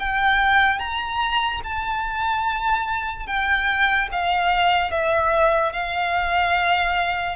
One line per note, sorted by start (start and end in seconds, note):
0.00 0.79 G5
0.79 1.61 A#5
1.64 3.27 A5
3.27 4.09 G5
4.12 4.91 F5
4.91 5.73 E5
5.73 7.37 F5